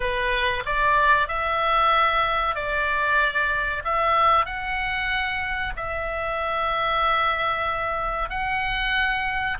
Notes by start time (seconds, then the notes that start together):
0.00 B4
0.65 D5
1.28 E5
2.55 D5
3.84 E5
4.45 F#5
5.76 E5
8.29 F#5